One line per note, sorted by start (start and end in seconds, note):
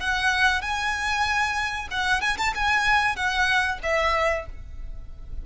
0.00 0.62 F#5
0.62 1.88 G#5
1.91 2.21 F#5
2.21 2.37 G#5
2.38 2.53 A5
2.55 3.16 G#5
3.16 3.79 F#5
3.83 4.46 E5